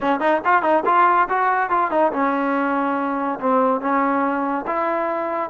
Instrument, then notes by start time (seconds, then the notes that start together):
trombone
0.01 C#4
0.20 D#4
0.44 F4
0.62 D#4
0.85 F4
1.29 F#4
1.70 F4
1.91 D#4
2.12 C#4
3.39 C4
3.80 C#4
4.67 E4